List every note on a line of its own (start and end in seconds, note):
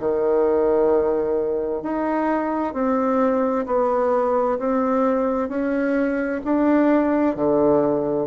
0.00 1.83 D#3
1.83 2.74 D#4
2.74 3.66 C4
3.67 4.59 B3
4.59 5.49 C4
5.49 6.42 C#4
6.45 7.36 D4
7.36 8.27 D3